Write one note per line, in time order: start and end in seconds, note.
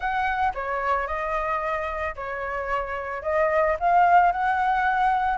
0.00 0.52 F#5
0.54 1.07 C#5
1.07 2.15 D#5
2.15 3.22 C#5
3.22 3.76 D#5
3.79 4.32 F5
4.32 5.37 F#5